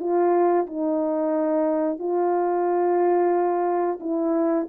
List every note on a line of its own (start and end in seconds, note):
0.00 0.67 F4
0.67 1.99 D#4
1.99 3.99 F4
4.01 4.67 E4